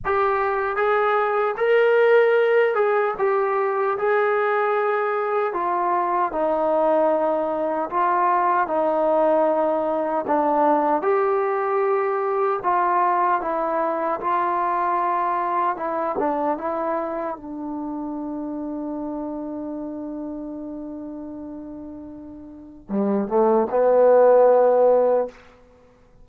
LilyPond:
\new Staff \with { instrumentName = "trombone" } { \time 4/4 \tempo 4 = 76 g'4 gis'4 ais'4. gis'8 | g'4 gis'2 f'4 | dis'2 f'4 dis'4~ | dis'4 d'4 g'2 |
f'4 e'4 f'2 | e'8 d'8 e'4 d'2~ | d'1~ | d'4 g8 a8 b2 | }